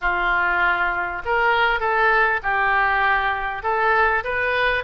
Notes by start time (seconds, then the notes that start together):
0.01 F4
1.25 A#4
1.79 A4
2.42 G4
3.63 A4
4.23 B4